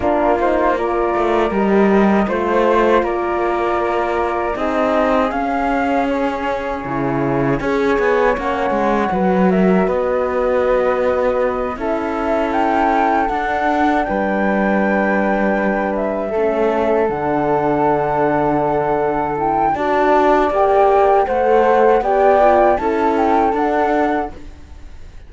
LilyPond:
<<
  \new Staff \with { instrumentName = "flute" } { \time 4/4 \tempo 4 = 79 ais'8 c''8 d''4 dis''4 c''4 | d''2 dis''4 f''4 | cis''2 gis''4 fis''4~ | fis''8 e''8 dis''2~ dis''8 e''8~ |
e''8 g''4 fis''4 g''4.~ | g''4 e''4. fis''4.~ | fis''4. g''8 a''4 g''4 | fis''4 g''4 a''8 g''8 fis''4 | }
  \new Staff \with { instrumentName = "flute" } { \time 4/4 f'4 ais'2 c''4 | ais'2 gis'2~ | gis'2 cis''2 | b'8 ais'8 b'2~ b'8 a'8~ |
a'2~ a'8 b'4.~ | b'4. a'2~ a'8~ | a'2 d''2 | c''4 d''4 a'2 | }
  \new Staff \with { instrumentName = "horn" } { \time 4/4 d'8 dis'8 f'4 g'4 f'4~ | f'2 dis'4 cis'4~ | cis'4 e'4 gis'4 cis'4 | fis'2.~ fis'8 e'8~ |
e'4. d'2~ d'8~ | d'4. cis'4 d'4.~ | d'4. e'8 fis'4 g'4 | a'4 g'8 f'8 e'4 d'4 | }
  \new Staff \with { instrumentName = "cello" } { \time 4/4 ais4. a8 g4 a4 | ais2 c'4 cis'4~ | cis'4 cis4 cis'8 b8 ais8 gis8 | fis4 b2~ b8 cis'8~ |
cis'4. d'4 g4.~ | g4. a4 d4.~ | d2 d'4 ais4 | a4 b4 cis'4 d'4 | }
>>